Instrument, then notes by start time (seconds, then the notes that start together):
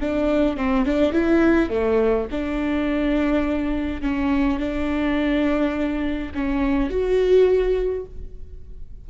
viola
0.00 D4
0.56 C4
0.85 D4
1.12 E4
1.70 A3
2.31 D4
4.01 C#4
4.59 D4
6.34 C#4
6.90 F#4